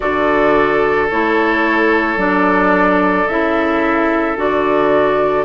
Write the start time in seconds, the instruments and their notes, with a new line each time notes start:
0.00 bassoon D3, clarinet F#4, oboe A4, flute D5
1.10 bassoon A3, clarinet E4, flute C#5
2.17 bassoon F#3, clarinet D4, flute D5
3.27 bassoon C#3, clarinet E4, flute E5
4.35 bassoon D3, clarinet F#4, flute D5